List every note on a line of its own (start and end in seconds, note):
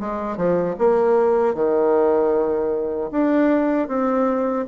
0.00 0.36 G#3
0.36 0.75 F3
0.78 1.54 A#3
1.54 3.10 D#3
3.11 3.88 D4
3.88 4.66 C4